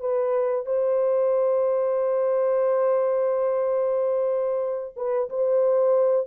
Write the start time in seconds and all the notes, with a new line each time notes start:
0.00 B4
0.66 C5
4.96 B4
5.30 C5